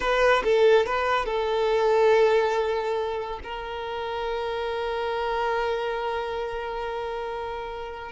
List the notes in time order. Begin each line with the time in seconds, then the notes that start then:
0.00 B4
0.44 A4
0.86 B4
1.25 A4
3.43 A#4